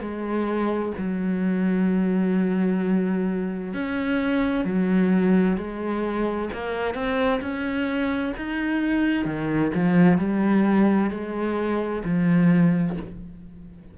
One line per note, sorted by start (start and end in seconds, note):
0.00 0.92 G#3
0.98 3.73 F#3
3.73 4.65 C#4
4.65 5.57 F#3
5.57 6.49 G#3
6.53 6.94 A#3
6.94 7.40 C4
7.41 8.33 C#4
8.37 9.25 D#4
9.25 9.71 D#3
9.74 10.18 F3
10.18 11.10 G3
11.10 12.03 G#3
12.04 12.97 F3